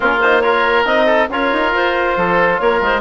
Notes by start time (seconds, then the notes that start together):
0.00 A#3 C#4 F4 A#4
0.21 D#4 C5
0.41 F4 A#4 C#5
0.85 C4 D#4 D#5
1.06 A4
1.29 C#4 F4 A#4 C#5
1.52 D#4
1.72 F4 C5
2.16 F3 A4
2.59 A#3 A#4 C#5
2.81 G#3 C5